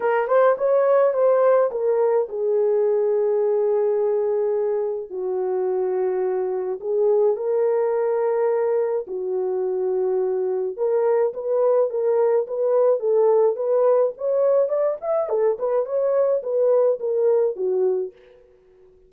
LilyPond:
\new Staff \with { instrumentName = "horn" } { \time 4/4 \tempo 4 = 106 ais'8 c''8 cis''4 c''4 ais'4 | gis'1~ | gis'4 fis'2. | gis'4 ais'2. |
fis'2. ais'4 | b'4 ais'4 b'4 a'4 | b'4 cis''4 d''8 e''8 a'8 b'8 | cis''4 b'4 ais'4 fis'4 | }